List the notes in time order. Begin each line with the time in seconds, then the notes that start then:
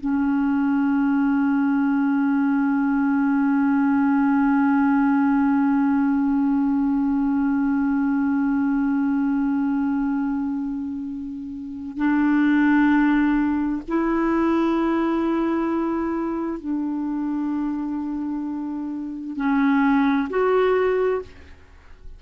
0.00 C#4
11.97 D4
13.88 E4
16.60 D4
19.36 C#4
20.30 F#4